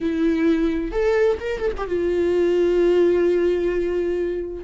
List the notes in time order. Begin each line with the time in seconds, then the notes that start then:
0.00 E4
0.91 A4
1.40 A#4
1.59 A4
1.77 G4
1.87 F4